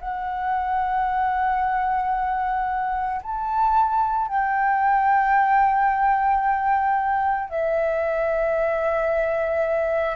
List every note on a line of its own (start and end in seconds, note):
0.00 3.21 F#5
3.22 4.28 A5
4.28 7.49 G5
7.49 10.16 E5